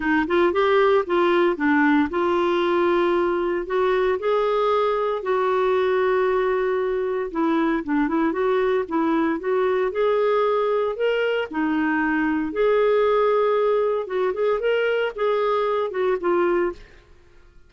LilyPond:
\new Staff \with { instrumentName = "clarinet" } { \time 4/4 \tempo 4 = 115 dis'8 f'8 g'4 f'4 d'4 | f'2. fis'4 | gis'2 fis'2~ | fis'2 e'4 d'8 e'8 |
fis'4 e'4 fis'4 gis'4~ | gis'4 ais'4 dis'2 | gis'2. fis'8 gis'8 | ais'4 gis'4. fis'8 f'4 | }